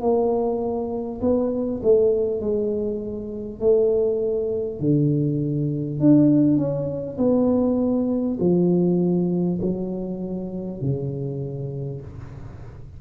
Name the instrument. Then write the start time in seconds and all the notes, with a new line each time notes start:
tuba
0.00 A#3
1.21 B3
1.83 A3
2.40 G#3
3.59 A3
4.79 D3
5.99 D4
6.57 C#4
7.17 B3
8.39 F3
9.61 F#3
10.81 C#3